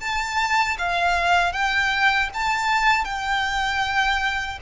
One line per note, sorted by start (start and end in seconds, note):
0.00 0.77 A5
0.78 1.52 F5
1.52 2.29 G5
2.34 3.05 A5
3.05 4.59 G5